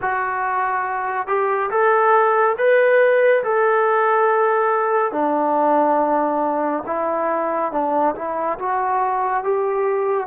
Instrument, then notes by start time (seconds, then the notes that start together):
trombone
0.01 F#4
1.27 G4
1.70 A4
2.57 B4
3.43 A4
5.12 D4
6.86 E4
7.71 D4
8.15 E4
8.58 F#4
9.43 G4